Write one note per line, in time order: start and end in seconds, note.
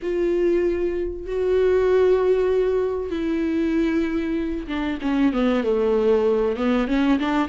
0.02 1.26 F4
1.26 3.10 F#4
3.10 4.66 E4
4.67 4.98 D4
5.01 5.32 C#4
5.32 5.63 B3
5.63 6.56 A3
6.56 6.87 B3
6.87 7.18 C#4
7.19 7.48 D4